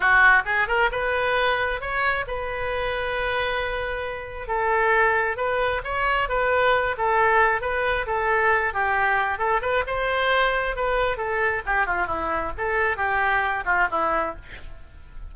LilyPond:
\new Staff \with { instrumentName = "oboe" } { \time 4/4 \tempo 4 = 134 fis'4 gis'8 ais'8 b'2 | cis''4 b'2.~ | b'2 a'2 | b'4 cis''4 b'4. a'8~ |
a'4 b'4 a'4. g'8~ | g'4 a'8 b'8 c''2 | b'4 a'4 g'8 f'8 e'4 | a'4 g'4. f'8 e'4 | }